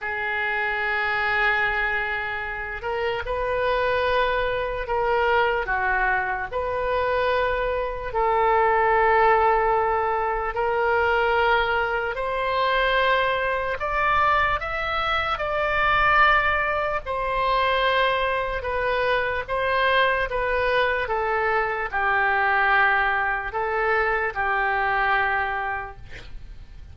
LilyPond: \new Staff \with { instrumentName = "oboe" } { \time 4/4 \tempo 4 = 74 gis'2.~ gis'8 ais'8 | b'2 ais'4 fis'4 | b'2 a'2~ | a'4 ais'2 c''4~ |
c''4 d''4 e''4 d''4~ | d''4 c''2 b'4 | c''4 b'4 a'4 g'4~ | g'4 a'4 g'2 | }